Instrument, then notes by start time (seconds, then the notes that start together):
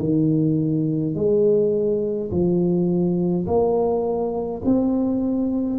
tuba
0.00 D#3
1.15 G#3
2.31 F3
3.47 A#3
4.65 C4